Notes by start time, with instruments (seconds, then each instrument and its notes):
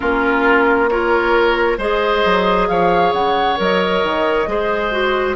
0.00 bassoon A#3, clarinet C#4, oboe F4, flute A#4
0.88 clarinet F4, oboe A#4, flute C#5
1.78 bassoon G#3, clarinet G#4, oboe C5, flute D#5
2.24 bassoon F#3
2.68 bassoon F3, oboe C#5, flute F5
3.12 bassoon C#3, flute F#5
3.56 bassoon F#3, clarinet A#4, flute D#5
4.03 bassoon D#3
4.46 bassoon G#3, clarinet G#4, oboe C5
4.91 clarinet F#4